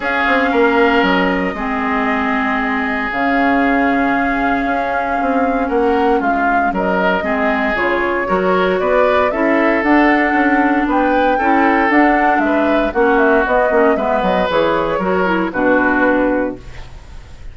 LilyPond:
<<
  \new Staff \with { instrumentName = "flute" } { \time 4/4 \tempo 4 = 116 f''2 dis''2~ | dis''2 f''2~ | f''2. fis''4 | f''4 dis''2 cis''4~ |
cis''4 d''4 e''4 fis''4~ | fis''4 g''2 fis''4 | e''4 fis''8 e''8 dis''4 e''8 dis''8 | cis''2 b'2 | }
  \new Staff \with { instrumentName = "oboe" } { \time 4/4 gis'4 ais'2 gis'4~ | gis'1~ | gis'2. ais'4 | f'4 ais'4 gis'2 |
ais'4 b'4 a'2~ | a'4 b'4 a'2 | b'4 fis'2 b'4~ | b'4 ais'4 fis'2 | }
  \new Staff \with { instrumentName = "clarinet" } { \time 4/4 cis'2. c'4~ | c'2 cis'2~ | cis'1~ | cis'2 c'4 f'4 |
fis'2 e'4 d'4~ | d'2 e'4 d'4~ | d'4 cis'4 b8 cis'8 b4 | gis'4 fis'8 e'8 d'2 | }
  \new Staff \with { instrumentName = "bassoon" } { \time 4/4 cis'8 c'8 ais4 fis4 gis4~ | gis2 cis2~ | cis4 cis'4 c'4 ais4 | gis4 fis4 gis4 cis4 |
fis4 b4 cis'4 d'4 | cis'4 b4 cis'4 d'4 | gis4 ais4 b8 ais8 gis8 fis8 | e4 fis4 b,2 | }
>>